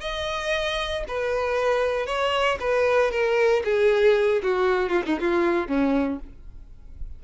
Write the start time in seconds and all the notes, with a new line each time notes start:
0.00 D#5
1.07 B4
2.06 C#5
2.59 B4
3.11 A#4
3.64 G#4
4.42 F#4
4.89 F4
5.06 D#4
5.19 F4
5.67 C#4